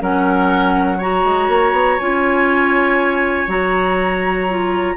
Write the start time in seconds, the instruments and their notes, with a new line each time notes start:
0.00 bassoon F#3, clarinet C#4, oboe A#4, flute F#5
0.98 clarinet F#4, oboe C#5, flute A#5
1.25 bassoon G#3
1.49 bassoon A#3
1.73 bassoon B3
1.99 bassoon C#4, clarinet F4, flute G#5
3.48 bassoon F#3, clarinet F#4, flute A#5
4.49 clarinet F4